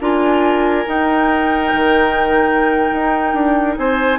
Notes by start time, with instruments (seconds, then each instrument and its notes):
0.00 bassoon D4, clarinet F4, oboe A#4, flute G#5
0.86 clarinet D#4, bassoon D#4, flute G5
1.73 bassoon D#3
2.92 bassoon D#4
3.34 bassoon D4
3.77 bassoon C4, oboe C5, flute G#5